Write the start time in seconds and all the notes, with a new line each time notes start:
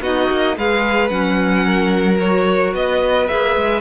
0.00 B3 D#4 F#4 D#5
0.30 A#3
0.56 G#3 G#4 B4 F5
1.08 F#3 C#4 F#5
1.65 A#4
2.18 F#4 C#5
2.73 B3 B4 D#5
3.27 A#3 G#4 E5
3.56 G#3